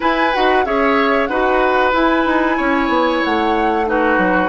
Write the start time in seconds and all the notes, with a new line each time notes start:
0.00 E4 B4 G#5
0.33 D#4 F#4 F#5
0.65 C#4 G#4 C#5 E5
1.26 D#4 F#4 B4 F#5
1.92 E4 G#5
2.25 D#4
2.57 C#4 C#5
2.89 B3
3.24 A3 F#5
3.85 D#4 F#4 B4
4.18 F#3